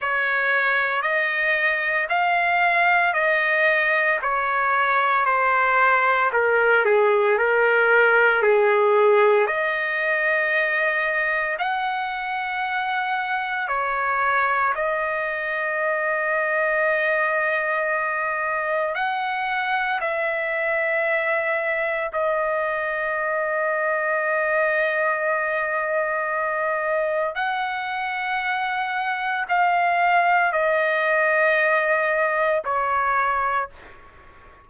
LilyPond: \new Staff \with { instrumentName = "trumpet" } { \time 4/4 \tempo 4 = 57 cis''4 dis''4 f''4 dis''4 | cis''4 c''4 ais'8 gis'8 ais'4 | gis'4 dis''2 fis''4~ | fis''4 cis''4 dis''2~ |
dis''2 fis''4 e''4~ | e''4 dis''2.~ | dis''2 fis''2 | f''4 dis''2 cis''4 | }